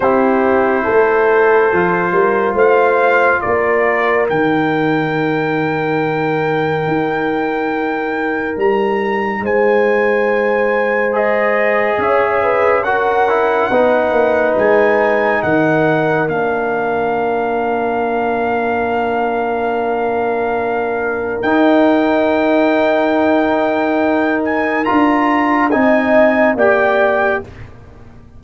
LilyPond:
<<
  \new Staff \with { instrumentName = "trumpet" } { \time 4/4 \tempo 4 = 70 c''2. f''4 | d''4 g''2.~ | g''2 ais''4 gis''4~ | gis''4 dis''4 e''4 fis''4~ |
fis''4 gis''4 fis''4 f''4~ | f''1~ | f''4 g''2.~ | g''8 gis''8 ais''4 gis''4 g''4 | }
  \new Staff \with { instrumentName = "horn" } { \time 4/4 g'4 a'4. ais'8 c''4 | ais'1~ | ais'2. c''4~ | c''2 cis''8 b'8 ais'4 |
b'2 ais'2~ | ais'1~ | ais'1~ | ais'2 dis''4 d''4 | }
  \new Staff \with { instrumentName = "trombone" } { \time 4/4 e'2 f'2~ | f'4 dis'2.~ | dis'1~ | dis'4 gis'2 fis'8 e'8 |
dis'2. d'4~ | d'1~ | d'4 dis'2.~ | dis'4 f'4 dis'4 g'4 | }
  \new Staff \with { instrumentName = "tuba" } { \time 4/4 c'4 a4 f8 g8 a4 | ais4 dis2. | dis'2 g4 gis4~ | gis2 cis'2 |
b8 ais8 gis4 dis4 ais4~ | ais1~ | ais4 dis'2.~ | dis'4 d'4 c'4 ais4 | }
>>